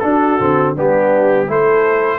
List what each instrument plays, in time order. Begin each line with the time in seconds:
0.00 tuba D4, trombone D4, horn F#4, trumpet A4
0.40 tuba D3, trombone C4
0.76 tuba G3, trombone B3, horn D4, trumpet G4
1.48 tuba A3, trombone E4, horn A4, trumpet C5